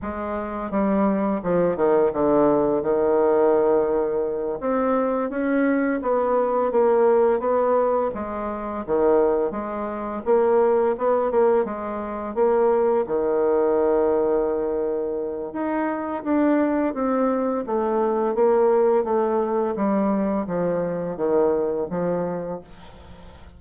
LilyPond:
\new Staff \with { instrumentName = "bassoon" } { \time 4/4 \tempo 4 = 85 gis4 g4 f8 dis8 d4 | dis2~ dis8 c'4 cis'8~ | cis'8 b4 ais4 b4 gis8~ | gis8 dis4 gis4 ais4 b8 |
ais8 gis4 ais4 dis4.~ | dis2 dis'4 d'4 | c'4 a4 ais4 a4 | g4 f4 dis4 f4 | }